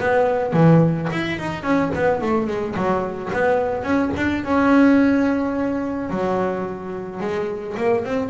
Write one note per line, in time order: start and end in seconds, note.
0.00 0.53 B3
0.53 1.09 E3
1.12 1.39 E4
1.39 1.63 D#4
1.63 1.91 C#4
1.95 2.22 B3
2.22 2.47 A3
2.47 2.75 G#3
2.76 3.31 F#3
3.33 3.84 B3
3.84 4.11 C#4
4.17 4.44 D4
4.44 6.10 C#4
6.10 7.20 F#3
7.20 7.76 G#3
7.77 8.05 A#3
8.05 8.30 C4